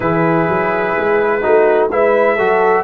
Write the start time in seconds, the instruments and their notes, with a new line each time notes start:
0.00 tuba E3, trombone E4, horn G#4, trumpet B4
0.48 tuba F#3
0.98 tuba G#3
1.41 tuba A3, trombone D#4, horn F#4
1.91 tuba G#3, trombone E4, horn B4, trumpet E5
2.35 tuba F#3, trombone F#4, horn A4